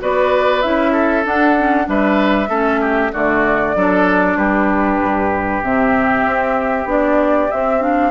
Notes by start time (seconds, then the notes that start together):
0.00 B3 F#4 B4 D5
0.62 C#4 E4 E5
0.92 A4
1.24 D4 F#5
1.59 C#4
1.85 G3 D4 B4 E5
2.49 A3 C#4 A4
2.81 G4
3.13 D3 A3 F#4 D5
3.75 F#3 D4 A4
4.36 G3 G4 B4
5.02 G2
5.63 C3 C4 E5
6.26 C4
6.85 B3 D4 D5
7.51 C4 E5
7.80 D4 F5